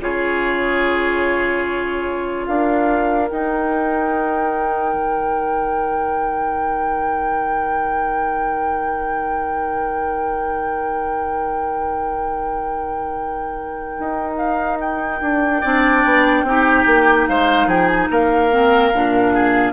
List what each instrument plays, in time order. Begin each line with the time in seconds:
0.00 bassoon C#3, clarinet F4, oboe G#4, flute C#5
2.47 bassoon D4, oboe A#4, flute F5
3.29 clarinet D#4, bassoon D#4, flute G5
4.94 bassoon D#3
13.99 bassoon D#4
14.37 flute F5
14.80 flute G5
15.21 bassoon D4
15.61 bassoon C4, clarinet D4, oboe D5
16.04 bassoon B3
16.43 bassoon C4, clarinet D#4, oboe G4
16.86 bassoon A#3
17.27 bassoon G#3, oboe C5, flute F5
17.66 bassoon F3, oboe G#4, flute G5
17.88 flute G#5
18.11 bassoon A#3, oboe A#4, flute F5
18.51 clarinet C4
18.95 bassoon A#2, clarinet D4
19.34 oboe G#4